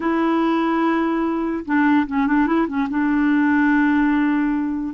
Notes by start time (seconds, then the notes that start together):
0.00 E4
1.65 D4
2.07 C#4
2.26 D4
2.46 E4
2.67 C#4
2.89 D4